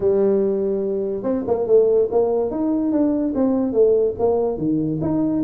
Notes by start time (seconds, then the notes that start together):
0.00 G3
1.23 C4
1.47 A#3
1.67 A3
2.11 A#3
2.50 D#4
2.92 D4
3.34 C4
3.72 A3
4.19 A#3
4.57 D#3
5.01 D#4